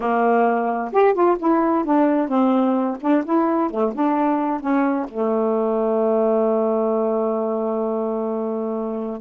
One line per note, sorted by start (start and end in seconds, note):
0.00 0.92 A#3
0.92 1.13 G4
1.13 1.37 F4
1.39 1.84 E4
1.84 2.28 D4
2.28 2.97 C4
3.01 3.24 D4
3.25 3.70 E4
3.70 3.93 A3
3.94 4.60 D4
4.60 5.06 C#4
5.08 9.21 A3